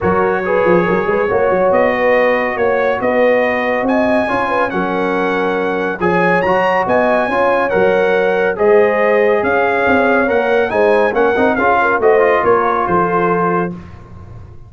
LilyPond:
<<
  \new Staff \with { instrumentName = "trumpet" } { \time 4/4 \tempo 4 = 140 cis''1 | dis''2 cis''4 dis''4~ | dis''4 gis''2 fis''4~ | fis''2 gis''4 ais''4 |
gis''2 fis''2 | dis''2 f''2 | fis''4 gis''4 fis''4 f''4 | dis''4 cis''4 c''2 | }
  \new Staff \with { instrumentName = "horn" } { \time 4/4 ais'4 b'4 ais'8 b'8 cis''4~ | cis''8 b'4. cis''4 b'4~ | b'4 dis''4 cis''8 b'8 ais'4~ | ais'2 cis''2 |
dis''4 cis''2. | c''2 cis''2~ | cis''4 c''4 ais'4 gis'8 ais'8 | c''4 ais'4 a'2 | }
  \new Staff \with { instrumentName = "trombone" } { \time 4/4 fis'4 gis'2 fis'4~ | fis'1~ | fis'2 f'4 cis'4~ | cis'2 gis'4 fis'4~ |
fis'4 f'4 ais'2 | gis'1 | ais'4 dis'4 cis'8 dis'8 f'4 | fis'8 f'2.~ f'8 | }
  \new Staff \with { instrumentName = "tuba" } { \time 4/4 fis4. f8 fis8 gis8 ais8 fis8 | b2 ais4 b4~ | b4 c'4 cis'4 fis4~ | fis2 f4 fis4 |
b4 cis'4 fis2 | gis2 cis'4 c'4 | ais4 gis4 ais8 c'8 cis'4 | a4 ais4 f2 | }
>>